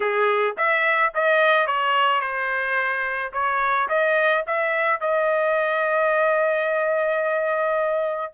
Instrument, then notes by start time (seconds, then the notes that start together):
trumpet
0.00 G#4
0.57 E5
1.14 D#5
1.66 C#5
2.20 C5
3.32 C#5
3.88 D#5
4.46 E5
5.00 D#5